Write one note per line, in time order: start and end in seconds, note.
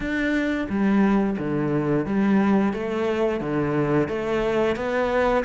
0.00 0.67 D4
0.69 1.37 G3
1.38 2.05 D3
2.05 2.73 G3
2.73 3.40 A3
3.40 4.08 D3
4.08 4.75 A3
4.75 5.44 B3